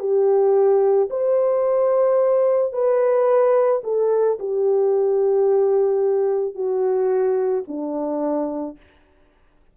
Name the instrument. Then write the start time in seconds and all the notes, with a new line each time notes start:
horn
0.00 G4
1.11 C5
2.73 B4
3.84 A4
4.40 G4
6.56 F#4
7.68 D4